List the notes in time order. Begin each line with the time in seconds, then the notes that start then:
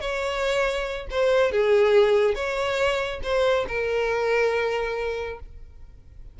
0.00 C#5
1.10 C5
1.52 G#4
2.35 C#5
3.23 C5
3.68 A#4